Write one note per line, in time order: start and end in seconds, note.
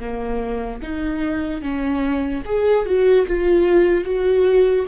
0.00 0.81 A#3
0.83 1.62 D#4
1.62 2.43 C#4
2.46 2.86 G#4
2.86 3.27 F#4
3.27 4.05 F4
4.05 4.86 F#4